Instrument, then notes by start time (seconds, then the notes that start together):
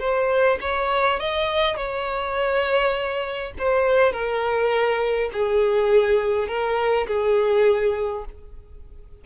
violin
0.00 C5
0.61 C#5
1.20 D#5
1.77 C#5
3.59 C5
4.13 A#4
5.33 G#4
6.48 A#4
7.07 G#4